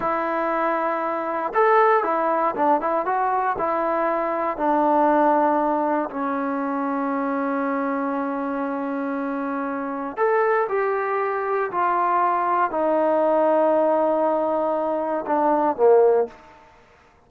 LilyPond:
\new Staff \with { instrumentName = "trombone" } { \time 4/4 \tempo 4 = 118 e'2. a'4 | e'4 d'8 e'8 fis'4 e'4~ | e'4 d'2. | cis'1~ |
cis'1 | a'4 g'2 f'4~ | f'4 dis'2.~ | dis'2 d'4 ais4 | }